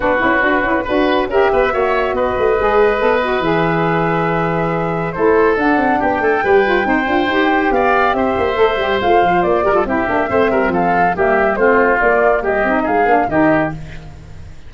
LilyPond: <<
  \new Staff \with { instrumentName = "flute" } { \time 4/4 \tempo 4 = 140 b'2. e''4~ | e''4 dis''2. | e''1 | c''4 fis''4 g''2~ |
g''2 f''4 e''4~ | e''4 f''4 d''4 e''4~ | e''4 f''4 e''4 c''4 | d''4 dis''4 f''4 dis''4 | }
  \new Staff \with { instrumentName = "oboe" } { \time 4/4 fis'2 b'4 ais'8 b'8 | cis''4 b'2.~ | b'1 | a'2 g'8 a'8 b'4 |
c''2 d''4 c''4~ | c''2~ c''8 ais'16 a'16 g'4 | c''8 ais'8 a'4 g'4 f'4~ | f'4 g'4 gis'4 g'4 | }
  \new Staff \with { instrumentName = "saxophone" } { \time 4/4 d'8 e'8 fis'8 e'8 fis'4 g'4 | fis'2 gis'4 a'8 fis'8 | gis'1 | e'4 d'2 g'8 f'8 |
dis'8 f'8 g'2. | a'8 g'8 f'4. g'16 f'16 e'8 d'8 | c'2 ais4 c'4 | ais4. dis'4 d'8 dis'4 | }
  \new Staff \with { instrumentName = "tuba" } { \time 4/4 b8 cis'8 d'8 cis'8 d'4 cis'8 b8 | ais4 b8 a8 gis4 b4 | e1 | a4 d'8 c'8 b8 a8 g4 |
c'8 d'8 dis'4 b4 c'8 ais8 | a8 g8 a8 f8 ais8 g8 c'8 ais8 | a8 g8 f4 g4 a4 | ais4 g8 c'8 gis8 ais8 dis4 | }
>>